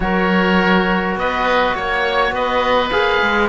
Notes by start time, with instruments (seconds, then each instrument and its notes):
0.00 cello F#3, trombone F#4, oboe A#4 C#5
1.15 cello B3, oboe B4 D#5
1.75 cello A#3, oboe C#5
2.31 cello B3, oboe B4 D#5
2.90 cello A#3, trombone G#4, oboe F5
3.21 cello G#3